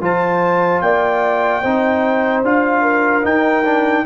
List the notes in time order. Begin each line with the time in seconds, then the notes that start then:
0.00 F3 F4 C5 A5
0.82 A#3 D5 G5
1.62 C4 D#4 C5
2.43 D4 F4 F5
2.82 A#4
3.23 D#4 G5
3.64 D4